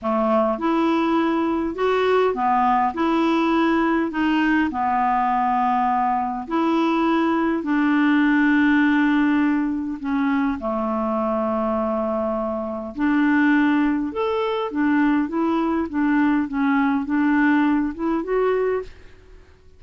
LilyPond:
\new Staff \with { instrumentName = "clarinet" } { \time 4/4 \tempo 4 = 102 a4 e'2 fis'4 | b4 e'2 dis'4 | b2. e'4~ | e'4 d'2.~ |
d'4 cis'4 a2~ | a2 d'2 | a'4 d'4 e'4 d'4 | cis'4 d'4. e'8 fis'4 | }